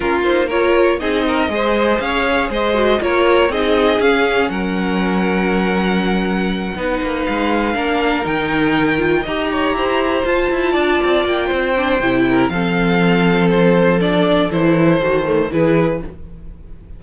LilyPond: <<
  \new Staff \with { instrumentName = "violin" } { \time 4/4 \tempo 4 = 120 ais'8 c''8 cis''4 dis''2 | f''4 dis''4 cis''4 dis''4 | f''4 fis''2.~ | fis''2~ fis''8 f''4.~ |
f''8 g''2 ais''4.~ | ais''8 a''2 g''4.~ | g''4 f''2 c''4 | d''4 c''2 b'4 | }
  \new Staff \with { instrumentName = "violin" } { \time 4/4 f'4 ais'4 gis'8 ais'8 c''4 | cis''4 c''4 ais'4 gis'4~ | gis'4 ais'2.~ | ais'4. b'2 ais'8~ |
ais'2~ ais'8 dis''8 cis''8 c''8~ | c''4. d''4. c''4~ | c''8 ais'8 a'2.~ | a'2. gis'4 | }
  \new Staff \with { instrumentName = "viola" } { \time 4/4 cis'8 dis'8 f'4 dis'4 gis'4~ | gis'4. fis'8 f'4 dis'4 | cis'1~ | cis'4. dis'2 d'8~ |
d'8 dis'4. f'8 g'4.~ | g'8 f'2. d'8 | e'4 c'2. | d'4 e'4 fis'8 a8 e'4 | }
  \new Staff \with { instrumentName = "cello" } { \time 4/4 ais2 c'4 gis4 | cis'4 gis4 ais4 c'4 | cis'4 fis2.~ | fis4. b8 ais8 gis4 ais8~ |
ais8 dis2 dis'4 e'8~ | e'8 f'8 e'8 d'8 c'8 ais8 c'4 | c4 f2.~ | f4 e4 dis4 e4 | }
>>